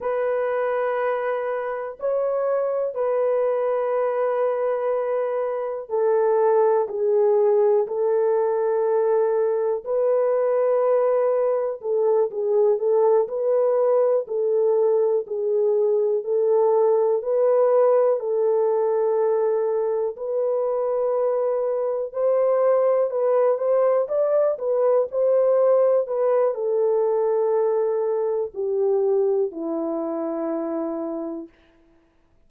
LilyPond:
\new Staff \with { instrumentName = "horn" } { \time 4/4 \tempo 4 = 61 b'2 cis''4 b'4~ | b'2 a'4 gis'4 | a'2 b'2 | a'8 gis'8 a'8 b'4 a'4 gis'8~ |
gis'8 a'4 b'4 a'4.~ | a'8 b'2 c''4 b'8 | c''8 d''8 b'8 c''4 b'8 a'4~ | a'4 g'4 e'2 | }